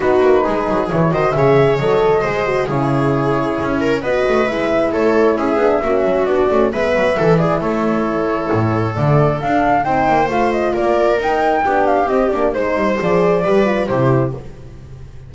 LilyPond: <<
  \new Staff \with { instrumentName = "flute" } { \time 4/4 \tempo 4 = 134 b'2 cis''8 dis''8 e''4 | dis''2 cis''2~ | cis''4 dis''4 e''4 cis''4 | e''2 d''4 e''4~ |
e''8 d''8 cis''2. | d''4 f''4 g''4 f''8 dis''8 | d''4 g''4. f''8 dis''8 d''8 | c''4 d''2 c''4 | }
  \new Staff \with { instrumentName = "viola" } { \time 4/4 fis'4 gis'4. c''8 cis''4~ | cis''4 c''4 gis'2~ | gis'8 ais'8 b'2 a'4 | gis'4 fis'2 b'4 |
a'8 gis'8 a'2.~ | a'2 c''2 | ais'2 g'2 | c''2 b'4 g'4 | }
  \new Staff \with { instrumentName = "horn" } { \time 4/4 dis'2 e'8 fis'8 gis'4 | a'4 gis'8 fis'8 e'2~ | e'4 fis'4 e'2~ | e'8 d'8 cis'4 d'8 cis'8 b4 |
e'1 | a4 d'4 dis'4 f'4~ | f'4 dis'4 d'4 c'8 d'8 | dis'4 gis'4 g'8 f'8 e'4 | }
  \new Staff \with { instrumentName = "double bass" } { \time 4/4 b8 ais8 gis8 fis8 e8 dis8 cis4 | fis4 gis4 cis2 | cis'4 b8 a8 gis4 a4 | cis'8 b8 ais8 fis8 b8 a8 gis8 fis8 |
e4 a2 a,4 | d4 d'4 c'8 ais8 a4 | ais4 dis'4 b4 c'8 ais8 | gis8 g8 f4 g4 c4 | }
>>